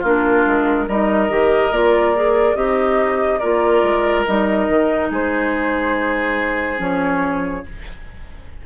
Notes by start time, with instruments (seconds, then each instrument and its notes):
0.00 bassoon A#3, clarinet D4, oboe F4, flute A#4
0.46 bassoon G#3
0.87 bassoon G3, clarinet D#4, oboe A#4, flute D#5
1.29 bassoon D#3, clarinet G4
1.71 bassoon A#3, clarinet F4, flute D5
2.15 clarinet G#4
2.55 bassoon C4, oboe D#4, clarinet G4, flute D#5
3.38 bassoon A#3, clarinet F4, oboe A#4, flute D5
3.82 bassoon G#3
4.26 bassoon G3, clarinet D#4, flute D#5
4.68 bassoon D#3
5.10 bassoon G#3, oboe G#4, flute C5
6.77 bassoon F3, clarinet C#4, flute C#5